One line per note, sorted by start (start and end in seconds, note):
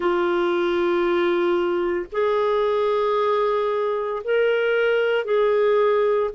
0.00 2.06 F4
2.11 4.22 G#4
4.23 5.24 A#4
5.24 6.30 G#4